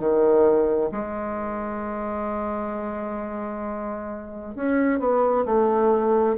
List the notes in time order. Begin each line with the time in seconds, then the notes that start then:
0.00 D#3
0.92 G#3
4.56 C#4
5.00 B3
5.46 A3